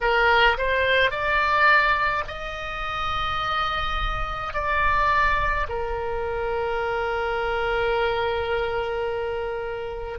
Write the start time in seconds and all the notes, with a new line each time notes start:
0.00 A#4
0.57 C5
1.10 D5
2.27 D#5
4.53 D5
5.69 A#4